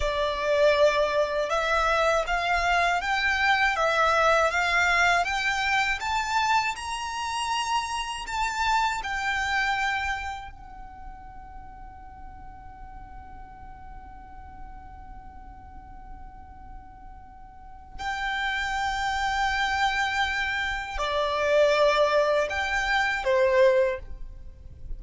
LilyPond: \new Staff \with { instrumentName = "violin" } { \time 4/4 \tempo 4 = 80 d''2 e''4 f''4 | g''4 e''4 f''4 g''4 | a''4 ais''2 a''4 | g''2 fis''2~ |
fis''1~ | fis''1 | g''1 | d''2 g''4 c''4 | }